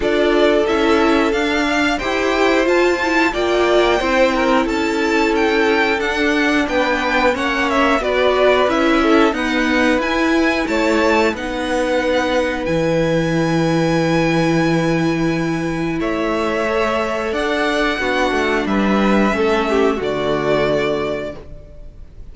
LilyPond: <<
  \new Staff \with { instrumentName = "violin" } { \time 4/4 \tempo 4 = 90 d''4 e''4 f''4 g''4 | a''4 g''2 a''4 | g''4 fis''4 g''4 fis''8 e''8 | d''4 e''4 fis''4 gis''4 |
a''4 fis''2 gis''4~ | gis''1 | e''2 fis''2 | e''2 d''2 | }
  \new Staff \with { instrumentName = "violin" } { \time 4/4 a'2~ a'8 f''8 c''4~ | c''4 d''4 c''8 ais'8 a'4~ | a'2 b'4 cis''4 | b'4. a'8 b'2 |
cis''4 b'2.~ | b'1 | cis''2 d''4 fis'4 | b'4 a'8 g'8 fis'2 | }
  \new Staff \with { instrumentName = "viola" } { \time 4/4 f'4 e'4 d'4 g'4 | f'8 e'8 f'4 e'2~ | e'4 d'2 cis'4 | fis'4 e'4 b4 e'4~ |
e'4 dis'2 e'4~ | e'1~ | e'4 a'2 d'4~ | d'4 cis'4 a2 | }
  \new Staff \with { instrumentName = "cello" } { \time 4/4 d'4 cis'4 d'4 e'4 | f'4 ais4 c'4 cis'4~ | cis'4 d'4 b4 ais4 | b4 cis'4 dis'4 e'4 |
a4 b2 e4~ | e1 | a2 d'4 b8 a8 | g4 a4 d2 | }
>>